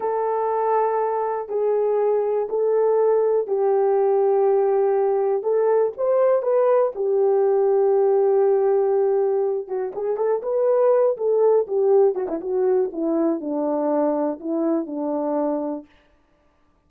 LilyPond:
\new Staff \with { instrumentName = "horn" } { \time 4/4 \tempo 4 = 121 a'2. gis'4~ | gis'4 a'2 g'4~ | g'2. a'4 | c''4 b'4 g'2~ |
g'2.~ g'8 fis'8 | gis'8 a'8 b'4. a'4 g'8~ | g'8 fis'16 e'16 fis'4 e'4 d'4~ | d'4 e'4 d'2 | }